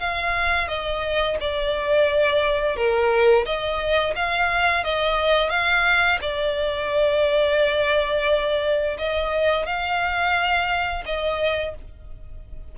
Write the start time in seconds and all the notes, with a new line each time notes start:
0.00 F5
0.68 D#5
1.41 D5
2.77 A#4
3.46 D#5
4.16 F5
4.84 D#5
5.50 F5
6.22 D5
8.98 D#5
9.66 F5
11.06 D#5